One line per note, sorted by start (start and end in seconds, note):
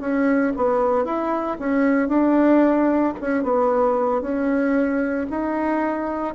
0.00 0.53 C#4
0.56 1.04 B3
1.04 1.57 E4
1.59 2.08 C#4
2.08 3.13 D4
3.21 3.43 C#4
3.43 4.22 B3
4.22 5.27 C#4
5.30 6.34 D#4